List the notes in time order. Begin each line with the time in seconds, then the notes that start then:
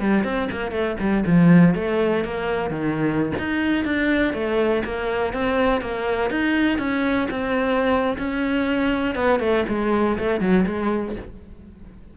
0.00 G3
0.24 C4
0.51 A#3
0.71 A3
1.00 G3
1.26 F3
1.75 A3
2.24 A#3
2.70 D#3
3.38 D#4
3.85 D4
4.33 A3
4.84 A#3
5.33 C4
5.81 A#3
6.30 D#4
6.78 C#4
7.30 C4
8.18 C#4
9.15 B3
9.39 A3
9.68 G#3
10.18 A3
10.40 F#3
10.66 G#3